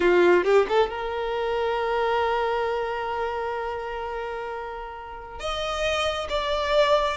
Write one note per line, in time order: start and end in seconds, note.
0.00 0.44 F4
0.44 0.66 G4
0.68 0.89 A4
0.89 5.39 A#4
5.39 6.27 D#5
6.29 7.17 D5